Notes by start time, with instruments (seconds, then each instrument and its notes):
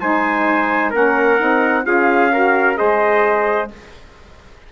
0.00 bassoon G#3, saxophone D#4, trumpet C5 G#5
0.90 bassoon A#3, saxophone C#4, trumpet A#4 F#5
1.38 bassoon C4, saxophone D#4
1.83 bassoon C#4, saxophone F4, trumpet G#4 F5
2.32 saxophone F#4, trumpet A#4
2.76 bassoon G#3, saxophone G#4, trumpet C5 D#5